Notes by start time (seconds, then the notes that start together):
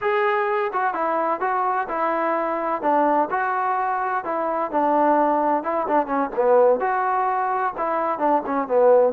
0.01 G#4
0.72 F#4
0.94 E4
1.40 F#4
1.88 E4
2.81 D4
3.30 F#4
4.24 E4
4.71 D4
5.63 E4
5.87 D4
6.06 C#4
6.36 B3
6.79 F#4
7.77 E4
8.19 D4
8.46 C#4
8.67 B3